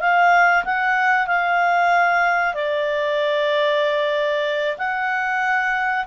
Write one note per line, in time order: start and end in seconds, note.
0.00 0.64 F5
0.64 1.27 F#5
1.27 2.54 F5
2.54 4.77 D5
4.78 6.05 F#5